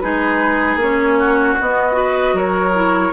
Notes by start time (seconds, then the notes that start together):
0.00 G#3 D#4 G#4 B4
0.76 A#3 C#4 C#5
1.19 F#4
1.61 B3 D#5
1.93 F#4 B4
2.33 F#3 A#4 C#5
2.75 E4